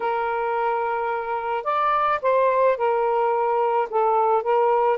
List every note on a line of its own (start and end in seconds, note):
0.00 1.64 A#4
1.64 2.19 D5
2.22 2.77 C5
2.77 3.88 A#4
3.90 4.42 A4
4.42 4.98 A#4